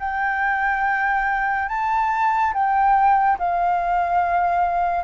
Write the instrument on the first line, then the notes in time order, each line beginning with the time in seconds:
flute
0.00 G5
1.69 A5
2.54 G5
3.39 F5